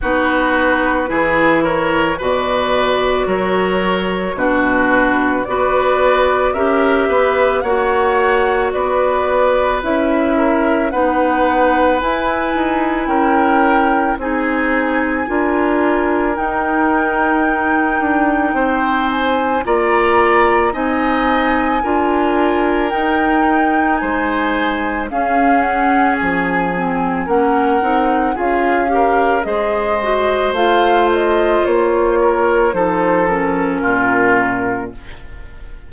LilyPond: <<
  \new Staff \with { instrumentName = "flute" } { \time 4/4 \tempo 4 = 55 b'4. cis''8 d''4 cis''4 | b'4 d''4 e''4 fis''4 | d''4 e''4 fis''4 gis''4 | g''4 gis''2 g''4~ |
g''4. gis''8 ais''4 gis''4~ | gis''4 g''4 gis''4 f''8 fis''8 | gis''4 fis''4 f''4 dis''4 | f''8 dis''8 cis''4 c''8 ais'4. | }
  \new Staff \with { instrumentName = "oboe" } { \time 4/4 fis'4 gis'8 ais'8 b'4 ais'4 | fis'4 b'4 ais'8 b'8 cis''4 | b'4. ais'8 b'2 | ais'4 gis'4 ais'2~ |
ais'4 c''4 d''4 dis''4 | ais'2 c''4 gis'4~ | gis'4 ais'4 gis'8 ais'8 c''4~ | c''4. ais'8 a'4 f'4 | }
  \new Staff \with { instrumentName = "clarinet" } { \time 4/4 dis'4 e'4 fis'2 | d'4 fis'4 g'4 fis'4~ | fis'4 e'4 dis'4 e'4~ | e'4 dis'4 f'4 dis'4~ |
dis'2 f'4 dis'4 | f'4 dis'2 cis'4~ | cis'8 c'8 cis'8 dis'8 f'8 g'8 gis'8 fis'8 | f'2 dis'8 cis'4. | }
  \new Staff \with { instrumentName = "bassoon" } { \time 4/4 b4 e4 b,4 fis4 | b,4 b4 cis'8 b8 ais4 | b4 cis'4 b4 e'8 dis'8 | cis'4 c'4 d'4 dis'4~ |
dis'8 d'8 c'4 ais4 c'4 | d'4 dis'4 gis4 cis'4 | f4 ais8 c'8 cis'4 gis4 | a4 ais4 f4 ais,4 | }
>>